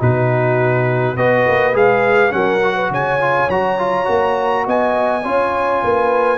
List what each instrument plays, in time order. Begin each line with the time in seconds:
0.00 tuba B2, trombone D#4, horn F#4, trumpet B4
1.17 tuba B3, trombone F#4, horn B4, trumpet D#5
1.47 tuba A#3
1.74 tuba G#3, trombone G#4, trumpet F5
2.31 tuba F#3, trombone C#4, horn A#4, trumpet F#5
2.64 trombone F#4
2.76 horn B4
2.91 tuba C#3, horn C#5, trumpet G#5
3.21 trombone F4
3.49 tuba F#3, trombone F#4, trumpet A#5
3.79 trombone F4
4.05 tuba A#3, trombone F#4
4.66 tuba B3, horn D#5, trumpet G#5
5.24 tuba C#4, trombone F4, horn C#5
5.83 tuba A#3, horn B4